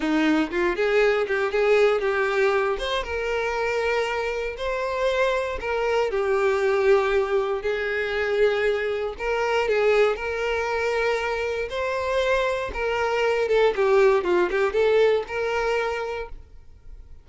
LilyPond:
\new Staff \with { instrumentName = "violin" } { \time 4/4 \tempo 4 = 118 dis'4 f'8 gis'4 g'8 gis'4 | g'4. c''8 ais'2~ | ais'4 c''2 ais'4 | g'2. gis'4~ |
gis'2 ais'4 gis'4 | ais'2. c''4~ | c''4 ais'4. a'8 g'4 | f'8 g'8 a'4 ais'2 | }